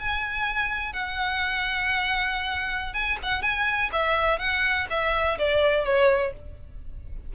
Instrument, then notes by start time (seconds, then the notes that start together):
violin
0.00 G#5
0.93 F#5
2.94 G#5
3.23 F#5
3.42 G#5
3.93 E5
4.39 F#5
4.90 E5
5.38 D5
5.85 C#5